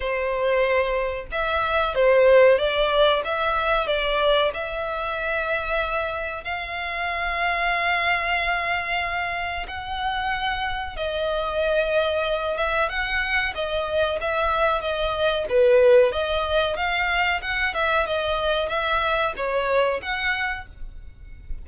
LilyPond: \new Staff \with { instrumentName = "violin" } { \time 4/4 \tempo 4 = 93 c''2 e''4 c''4 | d''4 e''4 d''4 e''4~ | e''2 f''2~ | f''2. fis''4~ |
fis''4 dis''2~ dis''8 e''8 | fis''4 dis''4 e''4 dis''4 | b'4 dis''4 f''4 fis''8 e''8 | dis''4 e''4 cis''4 fis''4 | }